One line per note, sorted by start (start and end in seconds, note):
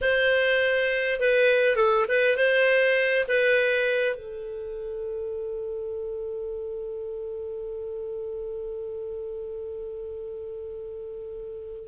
0.01 1.20 C5
1.20 1.76 B4
1.76 2.05 A4
2.08 2.37 B4
2.37 3.26 C5
3.28 4.15 B4
4.15 11.88 A4